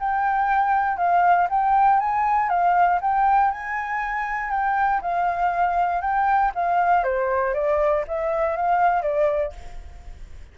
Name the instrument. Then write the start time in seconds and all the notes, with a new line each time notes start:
flute
0.00 G5
0.97 F5
1.50 G5
2.00 G#5
2.49 F5
3.01 G5
3.52 G#5
4.51 G5
5.02 F5
6.01 G5
6.55 F5
7.04 C5
7.54 D5
8.08 E5
8.57 F5
9.02 D5